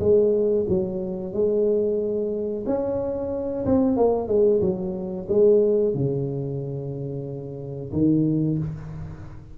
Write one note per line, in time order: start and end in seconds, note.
0.00 0.66 G#3
0.69 1.33 F#3
1.33 2.65 G#3
2.66 3.65 C#4
3.65 3.97 C4
3.97 4.28 A#3
4.28 4.61 G#3
4.61 5.27 F#3
5.29 5.95 G#3
5.95 7.92 C#3
7.93 8.59 D#3